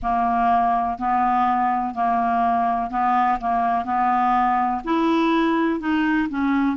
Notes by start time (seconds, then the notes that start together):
0.02 A#3
0.98 B3
1.94 A#3
2.90 B3
3.40 A#3
3.84 B3
4.84 E4
5.80 D#4
6.29 C#4